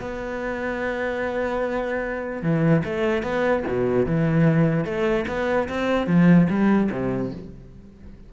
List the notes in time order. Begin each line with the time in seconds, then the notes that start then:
0.00 B3
2.42 E3
2.85 A3
3.22 B3
3.67 B2
4.06 E3
4.85 A3
5.28 B3
5.69 C4
6.07 F3
6.49 G3
6.92 C3